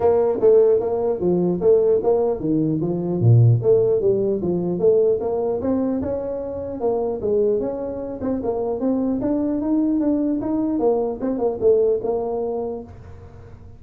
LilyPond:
\new Staff \with { instrumentName = "tuba" } { \time 4/4 \tempo 4 = 150 ais4 a4 ais4 f4 | a4 ais4 dis4 f4 | ais,4 a4 g4 f4 | a4 ais4 c'4 cis'4~ |
cis'4 ais4 gis4 cis'4~ | cis'8 c'8 ais4 c'4 d'4 | dis'4 d'4 dis'4 ais4 | c'8 ais8 a4 ais2 | }